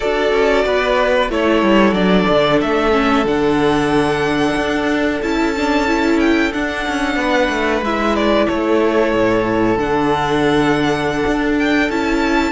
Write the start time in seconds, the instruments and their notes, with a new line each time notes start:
0.00 cello D4, viola F#4, violin A4 D5
0.32 cello C#4
0.65 cello B3, violin B4
1.29 cello A3, viola E4, violin A4 C#5
1.62 cello G3
1.92 cello F#3, viola D4, violin D5
2.29 cello D3
2.61 cello A3, violin E5
2.91 viola C#4
3.24 cello D3, viola D4, violin F#5
4.56 cello D4
5.21 cello C#4, viola E4, violin A5
5.56 viola D4
5.87 viola E4
6.19 violin G5
6.52 viola D4, cello D4, violin F#5
6.88 cello C#4
7.15 cello B3, violin B4
7.49 cello A3
7.81 cello G#3, viola E4, violin E5
8.15 violin D5
8.46 cello A3, violin A4 C#5
9.13 cello A2
9.76 cello D3, viola D4, violin F#5
11.27 cello D4
11.58 violin G5
11.89 cello C#4, viola E4, violin A5